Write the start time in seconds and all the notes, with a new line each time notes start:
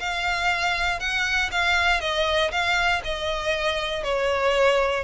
0.00 F5
1.00 F#5
1.51 F5
2.01 D#5
2.51 F5
3.05 D#5
4.04 C#5